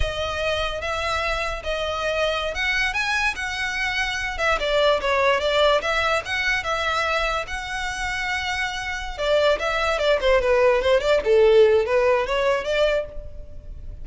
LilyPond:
\new Staff \with { instrumentName = "violin" } { \time 4/4 \tempo 4 = 147 dis''2 e''2 | dis''2~ dis''16 fis''4 gis''8.~ | gis''16 fis''2~ fis''8 e''8 d''8.~ | d''16 cis''4 d''4 e''4 fis''8.~ |
fis''16 e''2 fis''4.~ fis''16~ | fis''2~ fis''8 d''4 e''8~ | e''8 d''8 c''8 b'4 c''8 d''8 a'8~ | a'4 b'4 cis''4 d''4 | }